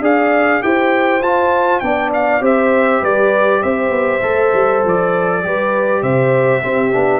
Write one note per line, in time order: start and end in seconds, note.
0.00 0.60 D4
0.00 0.60 G#4
0.00 0.62 D5
0.00 0.62 F5
0.60 1.21 E4
0.60 1.21 G4
0.60 1.83 C5
0.60 1.22 G5
1.21 1.81 F4
1.21 1.82 F4
1.21 1.79 A5
1.79 2.41 B3
1.79 2.40 D4
1.79 2.42 D5
1.79 2.09 G5
2.13 2.43 F5
2.40 3.01 C4
2.40 4.20 G4
2.40 3.01 C5
2.40 3.04 E5
3.01 3.61 G3
3.01 3.61 B4
3.01 3.62 D5
3.61 3.90 C4
3.61 5.41 C5
3.61 4.82 E5
3.90 4.20 B3
4.22 4.52 A3
4.22 5.42 A4
4.53 4.83 G3
4.84 5.44 F3
4.84 6.02 D5
5.42 6.02 G3
5.42 6.62 G4
5.42 6.02 B4
6.02 6.62 C3
6.02 6.62 C5
6.02 7.20 E5
6.62 6.91 C4
6.62 6.93 C4
6.62 7.20 G4
6.91 7.20 B3
6.91 7.20 D4